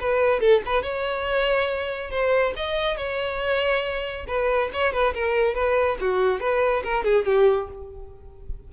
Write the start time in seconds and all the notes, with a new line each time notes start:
0.00 B4
0.40 A4
0.66 B4
0.83 C#5
2.10 C5
2.56 D#5
2.97 C#5
4.27 B4
4.73 C#5
4.92 B4
5.14 A#4
5.55 B4
6.00 F#4
6.40 B4
6.84 A#4
7.04 G#4
7.25 G4